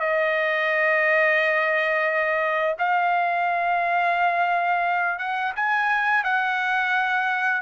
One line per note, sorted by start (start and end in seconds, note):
0.00 2.76 D#5
2.79 5.19 F5
5.19 5.54 F#5
5.56 6.24 G#5
6.24 7.62 F#5